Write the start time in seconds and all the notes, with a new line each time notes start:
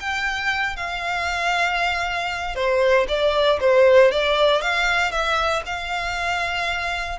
0.00 G5
0.76 F5
2.56 C5
3.08 D5
3.61 C5
4.12 D5
4.62 F5
5.12 E5
5.66 F5